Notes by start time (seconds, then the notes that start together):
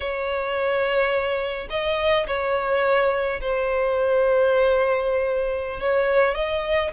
0.00 C#5
1.70 D#5
2.27 C#5
3.40 C5
5.79 C#5
6.34 D#5